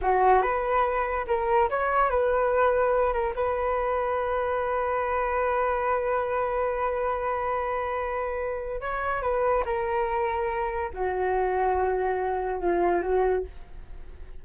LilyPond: \new Staff \with { instrumentName = "flute" } { \time 4/4 \tempo 4 = 143 fis'4 b'2 ais'4 | cis''4 b'2~ b'8 ais'8 | b'1~ | b'1~ |
b'1~ | b'4 cis''4 b'4 ais'4~ | ais'2 fis'2~ | fis'2 f'4 fis'4 | }